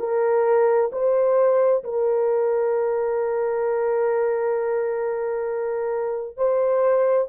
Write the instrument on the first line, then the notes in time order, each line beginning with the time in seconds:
horn
0.00 A#4
0.93 C5
1.84 A#4
6.38 C5